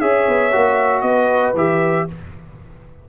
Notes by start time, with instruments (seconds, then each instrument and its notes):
0.00 tuba C#4, trombone G#4, horn C#5, trumpet E5
0.28 tuba B3
0.52 tuba A#3, trombone F#4
1.01 tuba B3, horn B4, trumpet D#5
1.54 tuba E3, trombone G4, trumpet E5